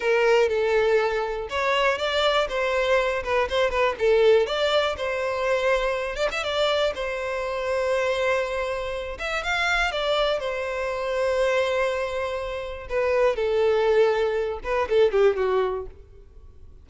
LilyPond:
\new Staff \with { instrumentName = "violin" } { \time 4/4 \tempo 4 = 121 ais'4 a'2 cis''4 | d''4 c''4. b'8 c''8 b'8 | a'4 d''4 c''2~ | c''8 d''16 e''16 d''4 c''2~ |
c''2~ c''8 e''8 f''4 | d''4 c''2.~ | c''2 b'4 a'4~ | a'4. b'8 a'8 g'8 fis'4 | }